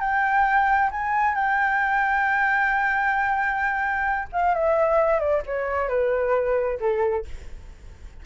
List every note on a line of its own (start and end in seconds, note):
0.00 0.90 G5
0.91 1.35 G#5
1.35 4.28 G5
4.33 4.55 F5
4.55 5.20 E5
5.20 5.42 D5
5.46 5.89 C#5
5.89 6.79 B4
6.80 7.25 A4